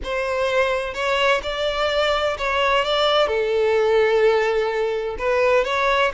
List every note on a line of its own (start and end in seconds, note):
0.03 0.94 C5
0.94 1.41 C#5
1.42 2.37 D5
2.38 2.84 C#5
2.84 3.27 D5
3.27 5.16 A4
5.18 5.64 B4
5.64 6.11 C#5